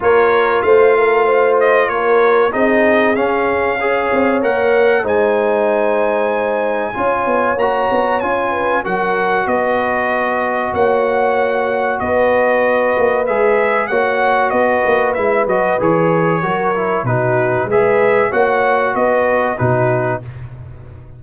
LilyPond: <<
  \new Staff \with { instrumentName = "trumpet" } { \time 4/4 \tempo 4 = 95 cis''4 f''4. dis''8 cis''4 | dis''4 f''2 fis''4 | gis''1 | ais''4 gis''4 fis''4 dis''4~ |
dis''4 fis''2 dis''4~ | dis''4 e''4 fis''4 dis''4 | e''8 dis''8 cis''2 b'4 | e''4 fis''4 dis''4 b'4 | }
  \new Staff \with { instrumentName = "horn" } { \time 4/4 ais'4 c''8 ais'8 c''4 ais'4 | gis'2 cis''2 | c''2. cis''4~ | cis''4. b'8 ais'4 b'4~ |
b'4 cis''2 b'4~ | b'2 cis''4 b'4~ | b'2 ais'4 fis'4 | b'4 cis''4 b'4 fis'4 | }
  \new Staff \with { instrumentName = "trombone" } { \time 4/4 f'1 | dis'4 cis'4 gis'4 ais'4 | dis'2. f'4 | fis'4 f'4 fis'2~ |
fis'1~ | fis'4 gis'4 fis'2 | e'8 fis'8 gis'4 fis'8 e'8 dis'4 | gis'4 fis'2 dis'4 | }
  \new Staff \with { instrumentName = "tuba" } { \time 4/4 ais4 a2 ais4 | c'4 cis'4. c'8 ais4 | gis2. cis'8 b8 | ais8 b8 cis'4 fis4 b4~ |
b4 ais2 b4~ | b8 ais8 gis4 ais4 b8 ais8 | gis8 fis8 e4 fis4 b,4 | gis4 ais4 b4 b,4 | }
>>